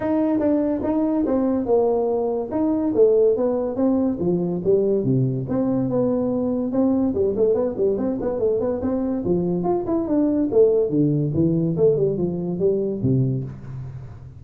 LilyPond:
\new Staff \with { instrumentName = "tuba" } { \time 4/4 \tempo 4 = 143 dis'4 d'4 dis'4 c'4 | ais2 dis'4 a4 | b4 c'4 f4 g4 | c4 c'4 b2 |
c'4 g8 a8 b8 g8 c'8 b8 | a8 b8 c'4 f4 f'8 e'8 | d'4 a4 d4 e4 | a8 g8 f4 g4 c4 | }